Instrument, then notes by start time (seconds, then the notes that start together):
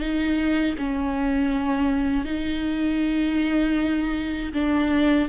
viola
0.00 D#4
0.78 C#4
2.25 D#4
4.54 D4